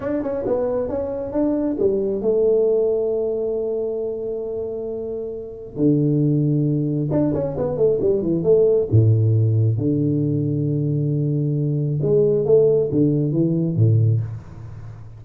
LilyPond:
\new Staff \with { instrumentName = "tuba" } { \time 4/4 \tempo 4 = 135 d'8 cis'8 b4 cis'4 d'4 | g4 a2.~ | a1~ | a4 d2. |
d'8 cis'8 b8 a8 g8 e8 a4 | a,2 d2~ | d2. gis4 | a4 d4 e4 a,4 | }